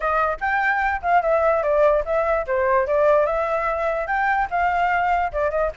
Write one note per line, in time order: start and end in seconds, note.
0.00 0.37 D#5
0.40 1.01 G5
1.01 1.22 F5
1.22 1.63 E5
1.63 2.03 D5
2.05 2.46 E5
2.46 2.87 C5
2.87 3.26 D5
3.26 4.07 E5
4.07 4.48 G5
4.50 5.32 F5
5.32 5.50 D5
5.50 5.71 D#5